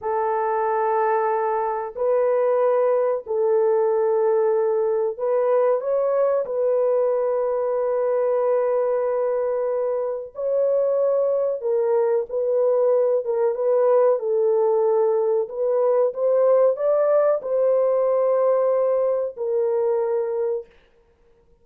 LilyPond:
\new Staff \with { instrumentName = "horn" } { \time 4/4 \tempo 4 = 93 a'2. b'4~ | b'4 a'2. | b'4 cis''4 b'2~ | b'1 |
cis''2 ais'4 b'4~ | b'8 ais'8 b'4 a'2 | b'4 c''4 d''4 c''4~ | c''2 ais'2 | }